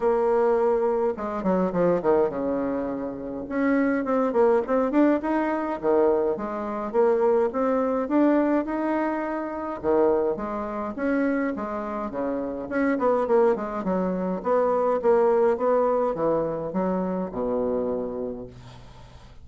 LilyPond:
\new Staff \with { instrumentName = "bassoon" } { \time 4/4 \tempo 4 = 104 ais2 gis8 fis8 f8 dis8 | cis2 cis'4 c'8 ais8 | c'8 d'8 dis'4 dis4 gis4 | ais4 c'4 d'4 dis'4~ |
dis'4 dis4 gis4 cis'4 | gis4 cis4 cis'8 b8 ais8 gis8 | fis4 b4 ais4 b4 | e4 fis4 b,2 | }